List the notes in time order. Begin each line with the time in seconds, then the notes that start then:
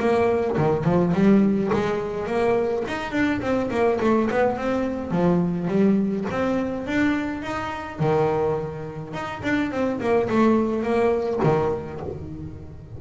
0.00 A#3
0.58 D#3
0.85 F3
1.14 G3
1.74 G#3
2.27 A#3
2.88 D#4
3.12 D4
3.42 C4
3.71 A#3
4.01 A3
4.31 B3
4.58 C4
5.12 F3
5.68 G3
6.31 C4
6.87 D4
7.43 D#4
8.00 D#3
9.14 D#4
9.44 D4
9.72 C4
10.01 A#3
10.30 A3
10.83 A#3
11.44 D#3